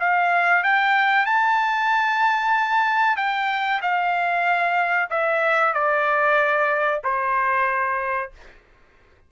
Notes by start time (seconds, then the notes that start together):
0.00 F5
0.64 G5
1.26 A5
3.17 G5
3.82 F5
5.10 E5
5.74 D5
7.04 C5